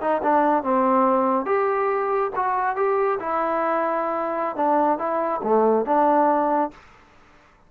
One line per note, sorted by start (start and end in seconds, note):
0.00 0.21 D#4
0.23 0.63 D4
0.63 1.45 C4
1.45 2.31 G4
2.36 2.76 F#4
2.76 3.18 G4
3.19 4.56 E4
4.56 4.98 D4
4.98 5.41 E4
5.43 5.85 A3
5.85 6.71 D4